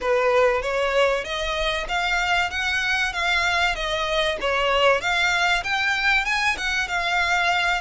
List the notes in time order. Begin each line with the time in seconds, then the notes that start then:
0.00 B4
0.62 C#5
1.24 D#5
1.88 F5
2.50 F#5
3.12 F5
3.75 D#5
4.41 C#5
5.00 F5
5.63 G5
6.25 G#5
6.57 F#5
6.88 F5